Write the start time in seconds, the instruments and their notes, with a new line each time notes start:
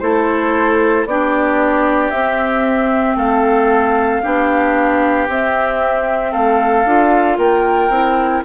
0.00 bassoon A3, clarinet E4, oboe A4, flute C5
1.06 bassoon B3, clarinet D4, oboe G4, flute D5
2.11 bassoon C4, clarinet C4, flute E5
3.16 bassoon A3, oboe A4, flute F5
4.23 bassoon B3, clarinet D4, oboe G4
5.29 bassoon C4, clarinet C4, flute E5
6.32 bassoon A3, oboe A4, flute F5
6.85 bassoon D4, clarinet F4
7.38 bassoon A#3, oboe A#4, flute G5
7.89 bassoon C4, clarinet E4